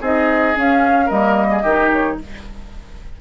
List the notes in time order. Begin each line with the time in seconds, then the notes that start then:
0.00 C4 D#4 G#4 D#5
0.55 C#4 F5
1.05 G3 A#3 A#4 D#5
1.51 G#4
1.62 D#3 D#4 G4
1.92 C#5